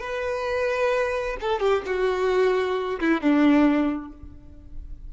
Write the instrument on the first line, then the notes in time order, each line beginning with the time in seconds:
violin
0.00 B4
1.40 A4
1.60 G4
1.86 F#4
3.00 E4
3.21 D4